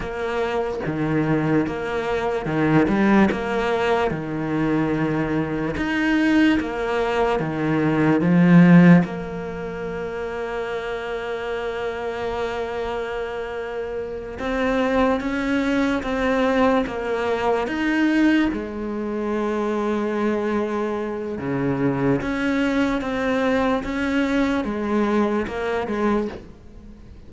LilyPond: \new Staff \with { instrumentName = "cello" } { \time 4/4 \tempo 4 = 73 ais4 dis4 ais4 dis8 g8 | ais4 dis2 dis'4 | ais4 dis4 f4 ais4~ | ais1~ |
ais4. c'4 cis'4 c'8~ | c'8 ais4 dis'4 gis4.~ | gis2 cis4 cis'4 | c'4 cis'4 gis4 ais8 gis8 | }